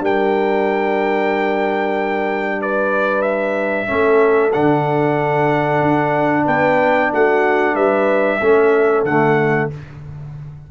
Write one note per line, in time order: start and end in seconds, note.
0.00 3.87 G3
0.00 3.87 D4
0.00 2.60 A#4
0.00 2.61 G5
2.60 3.88 B4
2.60 3.22 D5
3.22 4.51 E5
3.87 4.55 A3
3.87 4.51 C#4
3.87 6.44 A4
4.52 5.81 D3
4.52 8.40 D4
4.52 6.46 F#5
5.81 6.46 D4
6.44 7.11 B3
6.44 7.09 B4
6.44 7.11 G5
7.12 7.75 A3
7.12 7.74 F#4
7.12 7.75 F#5
7.74 8.39 G3
7.74 8.38 B4
7.74 9.04 E5
8.40 9.03 A3
8.40 9.06 C#4
8.40 9.69 A4
9.03 9.68 D3
9.03 9.71 A3
9.03 9.69 F#5